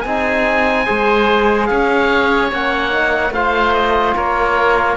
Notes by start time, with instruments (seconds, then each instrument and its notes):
0.00 cello C4, trombone D#4, oboe G#4 G#5
0.85 cello G#3, trombone G#4, oboe C5
1.66 cello C#4, oboe C#5 F5
2.50 cello A#3, trombone C#4, oboe F#5
2.91 trombone D#4
3.30 cello A3, trombone F4, oboe C5 F5
3.73 oboe D#5
4.16 cello A#3, oboe A#4 C#5